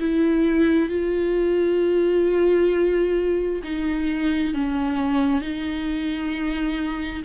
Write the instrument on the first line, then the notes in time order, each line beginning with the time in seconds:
viola
0.00 E4
0.90 F4
3.64 D#4
4.54 C#4
5.41 D#4